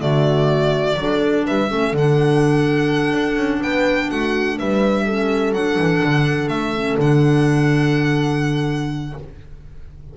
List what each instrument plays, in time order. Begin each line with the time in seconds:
0.00 double bass D3, clarinet A3, horn F#4, violin D5
0.95 double bass F#3, clarinet D4, horn A4
1.47 double bass G3, horn B4, violin E5
1.69 double bass A3, clarinet C#4, horn A4
1.93 double bass D3, clarinet D4, violin F#5
3.13 double bass D4
3.37 double bass C#4
3.61 double bass B3, horn B4, violin G5
4.10 double bass A3, horn F#4, violin F#5
4.58 double bass G3, horn B4, violin E5
5.06 clarinet C#4, horn A4
5.54 double bass F#3, clarinet D4, violin F#5
5.78 double bass E3
6.05 double bass D3
6.49 double bass A3, violin E5
6.76 clarinet C#4
6.98 double bass D3, clarinet D4, violin F#5